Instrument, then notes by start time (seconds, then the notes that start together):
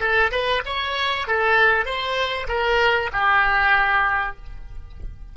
oboe
0.00 A4
0.31 B4
0.66 C#5
1.27 A4
1.85 C5
2.48 A#4
3.12 G4